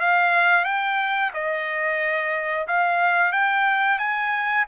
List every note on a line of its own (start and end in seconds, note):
0.00 0.65 F5
0.65 1.31 G5
1.34 2.67 D#5
2.68 3.32 F5
3.32 3.98 G5
3.98 4.65 G#5